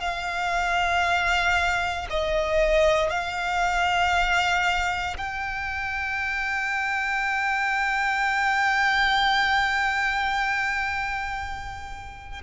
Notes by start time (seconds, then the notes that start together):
0.00 F5
2.10 D#5
3.10 F5
5.17 G5